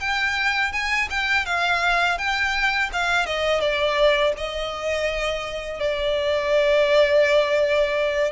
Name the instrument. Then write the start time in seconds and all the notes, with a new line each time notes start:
violin
0.00 G5
0.72 G#5
1.10 G5
1.46 F5
2.18 G5
2.92 F5
3.26 D#5
3.60 D5
4.37 D#5
5.80 D5